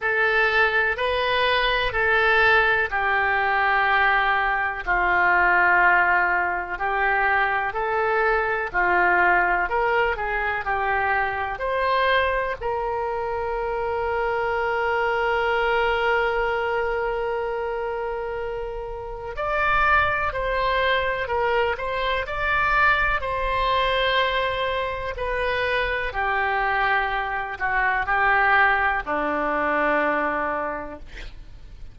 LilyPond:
\new Staff \with { instrumentName = "oboe" } { \time 4/4 \tempo 4 = 62 a'4 b'4 a'4 g'4~ | g'4 f'2 g'4 | a'4 f'4 ais'8 gis'8 g'4 | c''4 ais'2.~ |
ais'1 | d''4 c''4 ais'8 c''8 d''4 | c''2 b'4 g'4~ | g'8 fis'8 g'4 d'2 | }